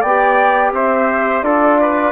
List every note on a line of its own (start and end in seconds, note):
0.00 0.72 B3
0.00 0.71 D5
0.00 0.72 G5
0.06 1.43 G4
0.72 1.42 C4
0.72 1.44 C5
0.72 1.42 E5
1.42 2.12 D4
1.42 2.12 F4
1.42 1.79 A4
1.42 2.12 D5
1.81 2.12 B4